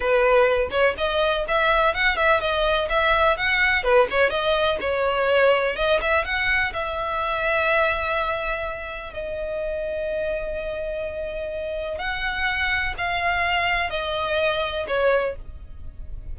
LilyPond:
\new Staff \with { instrumentName = "violin" } { \time 4/4 \tempo 4 = 125 b'4. cis''8 dis''4 e''4 | fis''8 e''8 dis''4 e''4 fis''4 | b'8 cis''8 dis''4 cis''2 | dis''8 e''8 fis''4 e''2~ |
e''2. dis''4~ | dis''1~ | dis''4 fis''2 f''4~ | f''4 dis''2 cis''4 | }